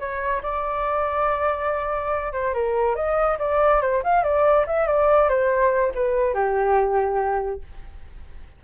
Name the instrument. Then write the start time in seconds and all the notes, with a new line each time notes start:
flute
0.00 C#5
0.43 D5
2.33 C5
2.54 A#4
2.96 D#5
3.39 D5
3.82 C5
4.04 F5
4.24 D5
4.67 E5
4.87 D5
5.29 C5
5.95 B4
6.34 G4